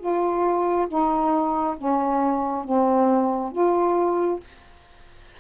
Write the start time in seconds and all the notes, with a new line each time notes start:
0.00 F4
0.88 D#4
1.78 C#4
2.65 C4
3.52 F4